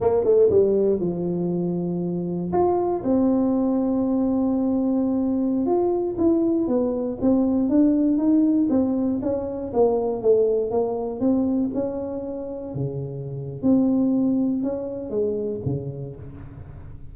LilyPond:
\new Staff \with { instrumentName = "tuba" } { \time 4/4 \tempo 4 = 119 ais8 a8 g4 f2~ | f4 f'4 c'2~ | c'2.~ c'16 f'8.~ | f'16 e'4 b4 c'4 d'8.~ |
d'16 dis'4 c'4 cis'4 ais8.~ | ais16 a4 ais4 c'4 cis'8.~ | cis'4~ cis'16 cis4.~ cis16 c'4~ | c'4 cis'4 gis4 cis4 | }